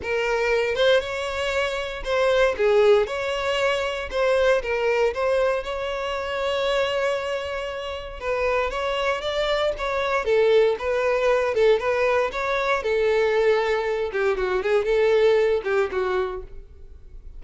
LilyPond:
\new Staff \with { instrumentName = "violin" } { \time 4/4 \tempo 4 = 117 ais'4. c''8 cis''2 | c''4 gis'4 cis''2 | c''4 ais'4 c''4 cis''4~ | cis''1 |
b'4 cis''4 d''4 cis''4 | a'4 b'4. a'8 b'4 | cis''4 a'2~ a'8 g'8 | fis'8 gis'8 a'4. g'8 fis'4 | }